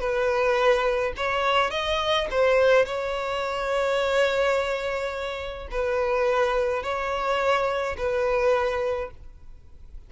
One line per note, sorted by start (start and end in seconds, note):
0.00 1.13 B4
1.17 1.71 C#5
1.71 2.28 D#5
2.31 2.86 C5
2.86 5.69 C#5
5.71 6.83 B4
6.83 7.96 C#5
7.98 9.11 B4